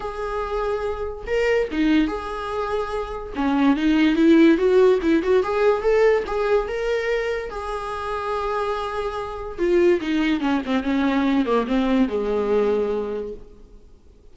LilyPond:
\new Staff \with { instrumentName = "viola" } { \time 4/4 \tempo 4 = 144 gis'2. ais'4 | dis'4 gis'2. | cis'4 dis'4 e'4 fis'4 | e'8 fis'8 gis'4 a'4 gis'4 |
ais'2 gis'2~ | gis'2. f'4 | dis'4 cis'8 c'8 cis'4. ais8 | c'4 gis2. | }